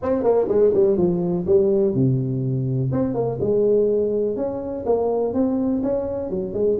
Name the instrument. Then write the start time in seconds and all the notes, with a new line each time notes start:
tuba
0.02 C4
0.23 A#3
0.48 G#3
0.73 G3
0.97 F3
1.46 G3
1.94 C3
2.92 C4
3.14 A#3
3.40 G#3
4.36 C#4
4.85 A#3
5.33 C4
5.83 C#4
6.30 F#3
6.53 G#3